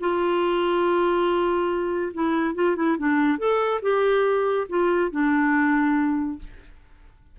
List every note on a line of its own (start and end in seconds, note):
0.00 2.13 F4
2.14 2.55 E4
2.55 2.76 F4
2.76 2.97 E4
2.98 3.38 D4
3.38 3.81 A4
3.82 4.67 G4
4.69 5.11 F4
5.11 6.39 D4